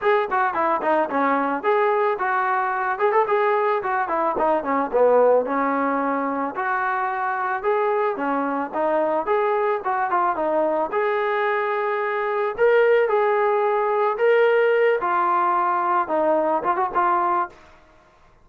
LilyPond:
\new Staff \with { instrumentName = "trombone" } { \time 4/4 \tempo 4 = 110 gis'8 fis'8 e'8 dis'8 cis'4 gis'4 | fis'4. gis'16 a'16 gis'4 fis'8 e'8 | dis'8 cis'8 b4 cis'2 | fis'2 gis'4 cis'4 |
dis'4 gis'4 fis'8 f'8 dis'4 | gis'2. ais'4 | gis'2 ais'4. f'8~ | f'4. dis'4 f'16 fis'16 f'4 | }